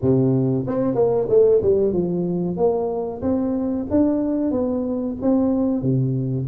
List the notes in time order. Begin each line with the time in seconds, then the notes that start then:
0.01 C3
0.67 C4
0.94 A#3
1.29 A3
1.62 G3
1.92 F3
2.56 A#3
3.21 C4
3.90 D4
4.51 B3
5.21 C4
5.82 C3